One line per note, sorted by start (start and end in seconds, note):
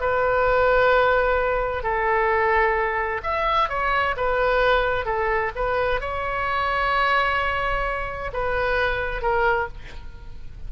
0.00 1.83 B4
1.83 3.21 A4
3.23 3.69 E5
3.69 4.15 C#5
4.16 5.05 B4
5.05 5.51 A4
5.55 6.00 B4
6.00 8.31 C#5
8.33 9.21 B4
9.21 9.68 A#4